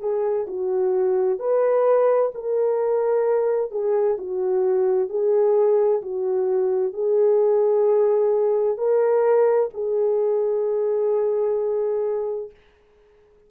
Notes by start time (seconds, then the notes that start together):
0.00 G#4
0.47 F#4
1.39 B4
2.35 A#4
3.71 G#4
4.18 F#4
5.09 G#4
6.02 F#4
6.93 G#4
8.77 A#4
9.74 G#4